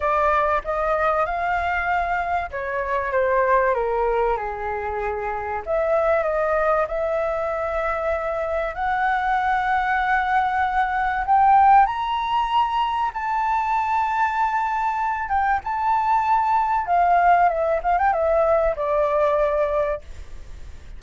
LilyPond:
\new Staff \with { instrumentName = "flute" } { \time 4/4 \tempo 4 = 96 d''4 dis''4 f''2 | cis''4 c''4 ais'4 gis'4~ | gis'4 e''4 dis''4 e''4~ | e''2 fis''2~ |
fis''2 g''4 ais''4~ | ais''4 a''2.~ | a''8 g''8 a''2 f''4 | e''8 f''16 g''16 e''4 d''2 | }